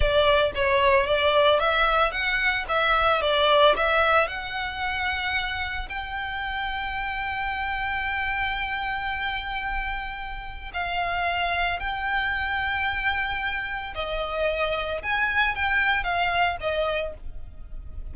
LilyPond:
\new Staff \with { instrumentName = "violin" } { \time 4/4 \tempo 4 = 112 d''4 cis''4 d''4 e''4 | fis''4 e''4 d''4 e''4 | fis''2. g''4~ | g''1~ |
g''1 | f''2 g''2~ | g''2 dis''2 | gis''4 g''4 f''4 dis''4 | }